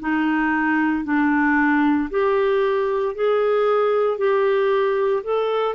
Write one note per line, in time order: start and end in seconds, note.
0.00 1.04 D#4
1.04 2.10 D4
2.11 3.15 G4
3.15 4.18 G#4
4.18 5.23 G4
5.23 5.75 A4